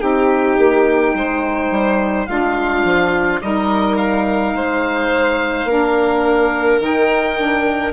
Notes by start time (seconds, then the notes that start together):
0.00 C4 D#4 G4 G5
0.58 A#3
1.14 G#3 C5
1.70 G3
2.26 G#3 D4 F4 F5
2.84 F3
3.41 G3 D#4 A#4 D#5
3.96 F5
4.53 G#3 C5
5.64 A#3 D4 A#4
6.80 D#3 D#4 G5
7.37 D4